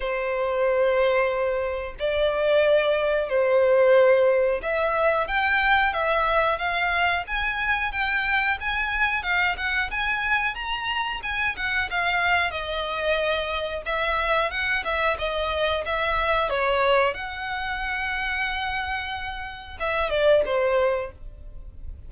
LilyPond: \new Staff \with { instrumentName = "violin" } { \time 4/4 \tempo 4 = 91 c''2. d''4~ | d''4 c''2 e''4 | g''4 e''4 f''4 gis''4 | g''4 gis''4 f''8 fis''8 gis''4 |
ais''4 gis''8 fis''8 f''4 dis''4~ | dis''4 e''4 fis''8 e''8 dis''4 | e''4 cis''4 fis''2~ | fis''2 e''8 d''8 c''4 | }